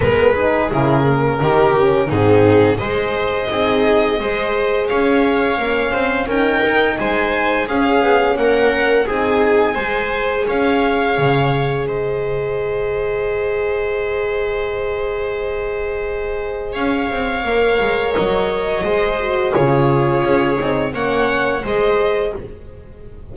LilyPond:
<<
  \new Staff \with { instrumentName = "violin" } { \time 4/4 \tempo 4 = 86 b'4 ais'2 gis'4 | dis''2. f''4~ | f''4 g''4 gis''4 f''4 | fis''4 gis''2 f''4~ |
f''4 dis''2.~ | dis''1 | f''2 dis''2 | cis''2 fis''4 dis''4 | }
  \new Staff \with { instrumentName = "viola" } { \time 4/4 ais'8 gis'4. g'4 dis'4 | c''4 gis'4 c''4 cis''4~ | cis''8 c''8 ais'4 c''4 gis'4 | ais'4 gis'4 c''4 cis''4~ |
cis''4 c''2.~ | c''1 | cis''2. c''4 | gis'2 cis''4 c''4 | }
  \new Staff \with { instrumentName = "horn" } { \time 4/4 b8 dis'8 e'8 ais8 dis'8 cis'8 c'4 | gis'4 dis'4 gis'2 | cis'4 dis'2 cis'4~ | cis'4 dis'4 gis'2~ |
gis'1~ | gis'1~ | gis'4 ais'2 gis'8 fis'8 | f'4. dis'8 cis'4 gis'4 | }
  \new Staff \with { instrumentName = "double bass" } { \time 4/4 gis4 cis4 dis4 gis,4 | gis4 c'4 gis4 cis'4 | ais8 c'8 cis'8 dis'8 gis4 cis'8 b8 | ais4 c'4 gis4 cis'4 |
cis4 gis2.~ | gis1 | cis'8 c'8 ais8 gis8 fis4 gis4 | cis4 cis'8 c'8 ais4 gis4 | }
>>